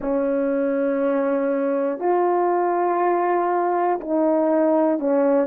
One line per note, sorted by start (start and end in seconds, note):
0.00 2.00 C#4
2.00 4.00 F4
4.00 4.99 D#4
4.99 5.47 C#4